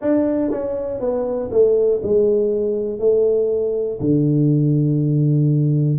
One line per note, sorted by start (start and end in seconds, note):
0.00 0.50 D4
0.50 1.00 C#4
1.00 1.50 B3
1.50 2.00 A3
2.02 2.99 G#3
2.99 3.99 A3
4.00 5.99 D3